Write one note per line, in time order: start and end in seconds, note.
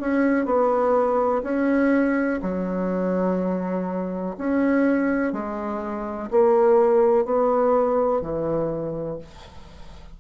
0.00 0.45 C#4
0.45 1.42 B3
1.43 2.40 C#4
2.42 4.36 F#3
4.38 5.33 C#4
5.33 6.29 G#3
6.31 7.25 A#3
7.25 8.22 B3
8.22 9.18 E3